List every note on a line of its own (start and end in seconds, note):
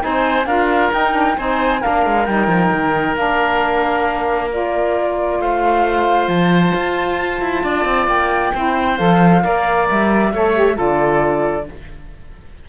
0.00 0.46 C4
0.00 0.45 D#4
0.00 0.47 C5
0.00 0.46 G#5
0.46 0.91 D4
0.46 0.91 F4
0.46 1.37 A#4
0.46 0.91 F5
0.91 1.12 D#4
0.91 1.38 D#4
0.91 1.38 G5
1.12 1.34 D4
1.37 1.83 C4
1.37 1.81 D#4
1.37 1.81 C5
1.37 1.82 G#5
1.81 2.06 A#3
1.81 2.26 D4
1.81 5.39 A#4
1.81 2.25 F5
2.06 2.28 G#3
2.25 2.47 G3
2.25 3.16 D#4
2.25 3.15 G5
2.47 2.70 F3
2.72 3.16 D#3
3.16 5.39 A#3
3.16 4.50 D4
3.16 4.50 F5
4.50 8.53 F4
4.50 5.41 D5
5.39 6.28 A3
5.39 7.64 C5
5.39 6.29 F5
6.28 6.72 F3
6.28 8.08 A5
6.74 7.41 F4
7.41 7.63 E4
7.63 7.85 D4
7.63 8.54 D5
7.85 8.07 C4
8.07 8.51 A#3
8.07 8.97 G5
8.54 8.99 C4
8.54 8.97 E4
8.54 9.43 C5
8.97 9.44 F3
8.97 9.42 A4
8.97 9.87 F5
9.43 9.89 A#3
9.43 10.32 A#4
9.43 10.33 D5
9.90 10.33 G3
9.90 10.79 E5
10.33 10.78 A3
10.33 10.54 A4
10.33 10.76 C#5
10.54 10.74 G4
10.74 11.68 D3
10.74 11.64 F4
10.74 11.66 A4
10.74 11.69 D5